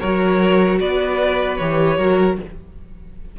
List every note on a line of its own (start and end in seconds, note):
0.00 0.80 F#3
0.00 1.60 F#4
0.00 0.79 A#4
0.00 0.79 C#5
0.80 1.59 B3
0.80 1.98 B4
0.80 1.57 D5
1.57 1.98 E3
1.57 2.00 G4
1.57 2.36 C#5
1.98 2.37 F#3
1.98 2.39 F#4
1.98 2.37 A#4